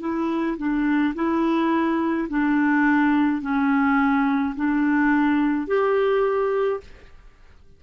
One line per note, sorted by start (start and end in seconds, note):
0.00 0.57 E4
0.57 1.14 D4
1.15 2.28 E4
2.29 3.41 D4
3.41 4.54 C#4
4.55 5.67 D4
5.67 6.80 G4